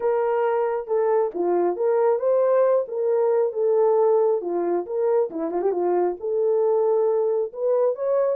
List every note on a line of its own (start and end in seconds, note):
0.00 0.87 A#4
0.87 1.31 A4
1.34 1.76 F4
1.76 2.19 A#4
2.19 2.85 C5
2.88 3.53 A#4
3.53 4.41 A4
4.41 4.85 F4
4.85 5.30 A#4
5.30 5.50 E4
5.50 5.61 F4
5.61 5.71 G4
5.71 6.15 F4
6.20 7.52 A4
7.52 7.95 B4
7.95 8.36 C#5